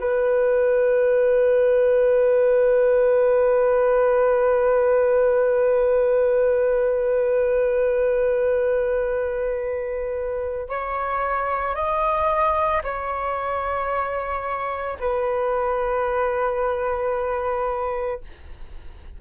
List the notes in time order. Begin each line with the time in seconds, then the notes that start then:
0.00 B4
10.69 C#5
11.75 D#5
12.83 C#5
15.00 B4